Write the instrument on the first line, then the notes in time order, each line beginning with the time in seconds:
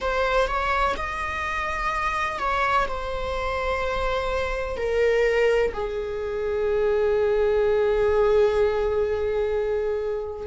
viola
0.00 C5
0.47 C#5
0.97 D#5
2.38 C#5
2.88 C5
4.77 A#4
5.73 G#4